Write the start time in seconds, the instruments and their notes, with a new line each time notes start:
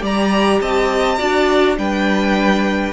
0.00 cello G3, viola G4, violin D5 A#5
0.61 cello C4, violin D#5 A5
1.18 cello D4, viola F#4, violin D5
1.76 cello G3, viola D4, violin B4 G5